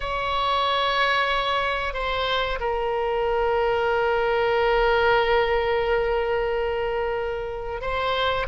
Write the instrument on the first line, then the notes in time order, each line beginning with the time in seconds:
oboe
0.00 C#5
1.93 C5
2.60 A#4
7.81 C5